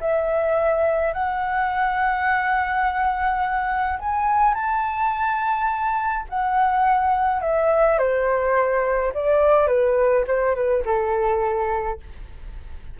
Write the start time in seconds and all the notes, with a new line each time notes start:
0.00 E5
1.13 F#5
3.99 G#5
4.54 A5
6.29 F#5
7.42 E5
7.98 C5
9.14 D5
9.67 B4
10.27 C5
10.55 B4
10.85 A4